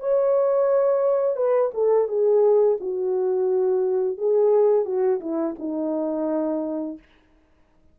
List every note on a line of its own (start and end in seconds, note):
0.00 1.36 C#5
1.36 1.71 B4
1.74 2.08 A4
2.08 2.78 G#4
2.80 4.18 F#4
4.18 4.85 G#4
4.85 5.20 F#4
5.20 5.55 E4
5.59 6.99 D#4